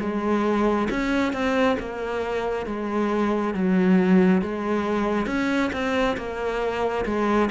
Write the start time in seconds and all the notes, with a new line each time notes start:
0.00 G#3
0.90 C#4
1.33 C4
1.79 A#3
2.66 G#3
3.54 F#3
4.42 G#3
5.26 C#4
5.73 C4
6.17 A#3
7.05 G#3